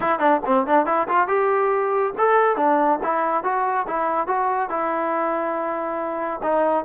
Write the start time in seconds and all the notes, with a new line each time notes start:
0.00 E4
0.19 D4
0.45 C4
0.66 D4
0.86 E4
1.08 F4
1.27 G4
2.17 A4
2.56 D4
3.03 E4
3.43 F#4
3.87 E4
4.27 F#4
4.69 E4
6.43 D#4